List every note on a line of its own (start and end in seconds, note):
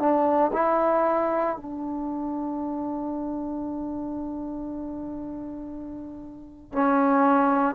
0.00 0.52 D4
0.53 1.57 E4
1.57 6.72 D4
6.72 7.75 C#4